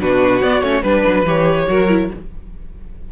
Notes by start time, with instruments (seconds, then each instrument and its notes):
0.00 cello B2, viola D4, violin F#4 B4
0.41 cello B3, viola B3, violin D5
0.61 cello A3, viola C#4, violin C#5
0.82 cello G3, viola D4, violin B4
1.07 cello F#3
1.23 cello E3, viola G4, violin C#5
1.67 cello F#3, viola F#4, violin A#4
1.88 viola E4